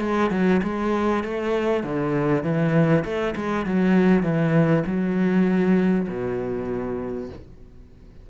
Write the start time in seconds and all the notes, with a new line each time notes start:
0.00 G#3
0.30 F#3
0.63 G#3
1.24 A3
1.83 D3
2.44 E3
3.04 A3
3.36 G#3
3.66 F#3
4.23 E3
4.86 F#3
6.08 B2